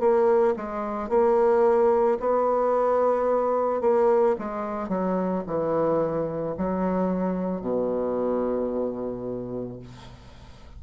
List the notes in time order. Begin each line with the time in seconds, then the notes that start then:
0.00 A#3
0.56 G#3
1.09 A#3
2.20 B3
3.81 A#3
4.39 G#3
4.88 F#3
5.46 E3
6.58 F#3
7.61 B2